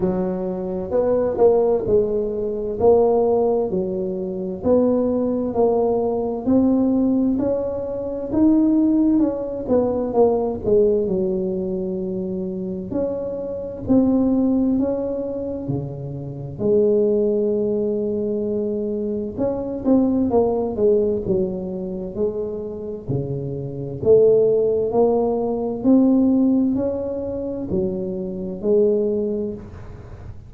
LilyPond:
\new Staff \with { instrumentName = "tuba" } { \time 4/4 \tempo 4 = 65 fis4 b8 ais8 gis4 ais4 | fis4 b4 ais4 c'4 | cis'4 dis'4 cis'8 b8 ais8 gis8 | fis2 cis'4 c'4 |
cis'4 cis4 gis2~ | gis4 cis'8 c'8 ais8 gis8 fis4 | gis4 cis4 a4 ais4 | c'4 cis'4 fis4 gis4 | }